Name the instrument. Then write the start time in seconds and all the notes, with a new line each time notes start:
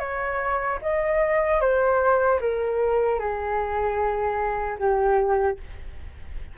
flute
0.00 C#5
0.83 D#5
1.61 C5
2.41 A#4
3.20 G#4
4.79 G4